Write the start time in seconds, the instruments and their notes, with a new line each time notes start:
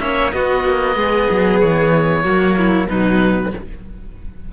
0.00 cello A#3 C#4, violin C#5, oboe E5
0.32 cello B3, violin F#4, oboe D#5
0.64 cello A#3
0.96 cello G#3, violin G#4
1.31 cello F#3
1.61 cello E3, oboe C#5
2.24 cello F#3 A#3, violin F#4
2.58 violin E4
2.88 cello B2 F#3, violin D#4, oboe B4